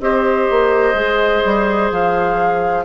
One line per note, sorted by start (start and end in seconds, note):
0.00 0.48 C4
0.00 0.95 G4
0.00 2.85 C5
0.00 1.91 D#5
0.50 0.94 A#3
0.94 1.41 G#3
0.94 2.85 G#4
1.45 1.91 G3
1.91 2.85 F3
1.91 2.85 F5